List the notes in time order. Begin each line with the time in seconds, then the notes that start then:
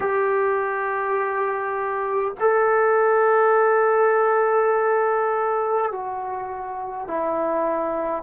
0.00 G4
2.40 A4
5.91 F#4
7.07 E4